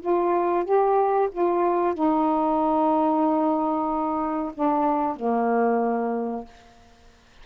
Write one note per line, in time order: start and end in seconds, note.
0.00 0.64 F4
0.64 1.29 G4
1.32 1.94 F4
1.94 4.52 D#4
4.54 5.16 D4
5.16 6.45 A#3